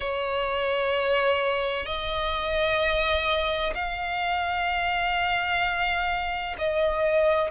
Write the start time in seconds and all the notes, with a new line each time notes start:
0.00 C#5
1.86 D#5
3.74 F5
6.58 D#5